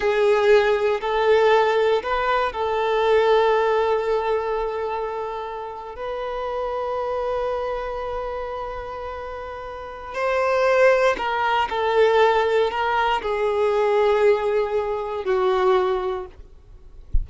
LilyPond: \new Staff \with { instrumentName = "violin" } { \time 4/4 \tempo 4 = 118 gis'2 a'2 | b'4 a'2.~ | a'2.~ a'8. b'16~ | b'1~ |
b'1 | c''2 ais'4 a'4~ | a'4 ais'4 gis'2~ | gis'2 fis'2 | }